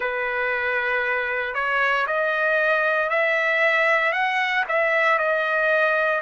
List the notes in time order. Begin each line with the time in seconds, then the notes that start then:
0.00 B4
1.54 C#5
2.06 D#5
3.09 E5
4.12 F#5
4.68 E5
5.18 D#5